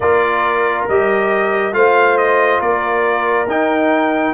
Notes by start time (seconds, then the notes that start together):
0.00 A#3 F4 A#4 D5
0.88 G3 G4 D#5
1.72 A3 F4 C5 F5
2.17 D#5
2.60 A#3 A#4 D5
3.46 D#4 G5